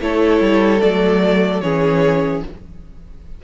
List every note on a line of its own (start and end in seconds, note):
0.00 0.40 A3
0.00 0.80 E4
0.00 1.62 A4
0.00 0.81 C#5
0.40 0.81 G3
0.80 1.61 F#3
0.80 1.61 A3
0.80 1.60 D5
1.60 2.42 E3
1.60 2.44 C#4
1.60 2.44 G#4
1.60 2.41 C#5